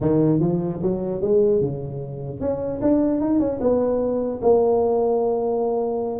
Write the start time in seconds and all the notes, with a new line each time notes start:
0.00 D#3
0.39 F3
0.82 F#3
1.21 G#3
1.61 C#3
2.40 C#4
2.81 D4
3.20 D#4
3.39 C#4
3.60 B3
4.41 A#3